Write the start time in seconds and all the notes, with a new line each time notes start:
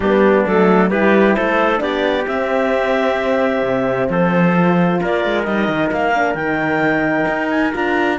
0.00 G3 B3 D4 G4
0.46 F#3 A3 A4
0.90 G3 E4 G4 B4
1.34 A3 A4 C5
1.77 B3 D4 G4 D5
2.27 C4 E5
3.62 C3
4.09 F3 A4 C5
4.53 F4
5.01 A#3 A#4 D5
5.24 G#3
5.43 G3 D#4 D#5
5.68 D#3
5.92 A#3 F5
6.14 D4
6.34 D#3 D#4 G5
7.27 D#4
7.49 G#5
7.72 D4 F4 A#5